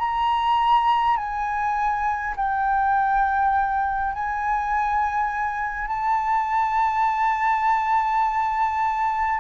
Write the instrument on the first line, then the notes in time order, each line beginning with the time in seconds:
flute
0.00 A#5
1.18 G#5
2.37 G5
4.14 G#5
5.88 A5